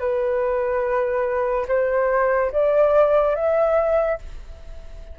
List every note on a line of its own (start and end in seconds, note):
0.00 1.67 B4
1.69 2.52 C5
2.53 3.36 D5
3.36 4.19 E5